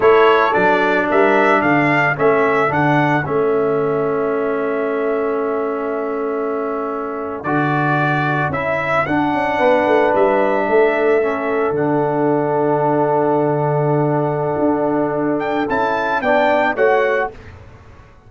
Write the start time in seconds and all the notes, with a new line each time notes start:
0.00 A3 E4 A4 C#5
0.52 F#3 D4 D5
1.09 G3 A#4 E5
1.61 D3 A4 F5
2.15 A3 C#4 E5
2.68 D3 D4 F#5
3.25 A3 C#4 E5
7.43 D3 F#4 D5
8.49 C#4 E4 E5
9.06 D4 F#5
9.33 C#4
9.58 B3 B4
9.86 A3
10.14 G3 E5
10.68 A3 A4
11.21 C#4
11.71 D3 D4 F#5
14.58 D4
15.39 G5
15.69 C#4 E4 A5
16.21 B3 D4 D5 G5
16.75 A3 F#4 C#5 F#5